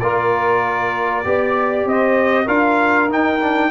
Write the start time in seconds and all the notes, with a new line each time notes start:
0.00 A#3 F4 A#4 D5
1.24 B3 G4 D5
1.85 C4 C5 D#5
2.45 D4 F4 A#4 F5
3.09 D#4 G5
3.41 D4